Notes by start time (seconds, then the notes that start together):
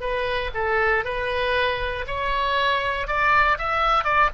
0.00 B4
0.54 A4
1.04 B4
2.06 C#5
3.07 D5
3.58 E5
4.04 D5